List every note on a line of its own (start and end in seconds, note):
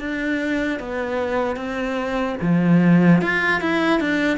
0.00 0.80 D4
0.80 1.56 B3
1.56 2.36 C4
2.42 3.22 F3
3.22 3.61 F4
3.61 4.00 E4
4.00 4.38 D4